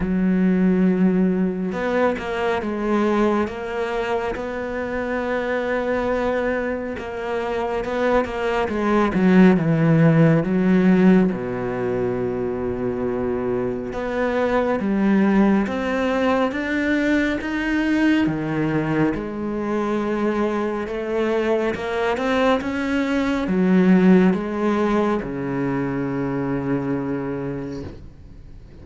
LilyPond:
\new Staff \with { instrumentName = "cello" } { \time 4/4 \tempo 4 = 69 fis2 b8 ais8 gis4 | ais4 b2. | ais4 b8 ais8 gis8 fis8 e4 | fis4 b,2. |
b4 g4 c'4 d'4 | dis'4 dis4 gis2 | a4 ais8 c'8 cis'4 fis4 | gis4 cis2. | }